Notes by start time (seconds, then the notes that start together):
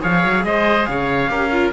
0.00 F3 G#4 C#5 F5
0.24 F#3
0.44 G#3 C5 D#5
0.86 C#3 C#5 F5
1.29 C#4 G4 A#4
1.52 F4